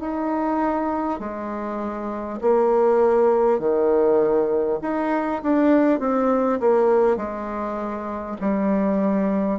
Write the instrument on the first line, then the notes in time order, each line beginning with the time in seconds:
bassoon
0.00 D#4
1.19 G#3
2.41 A#3
3.59 D#3
4.82 D#4
5.43 D4
5.99 C4
6.60 A#3
7.17 G#3
8.41 G3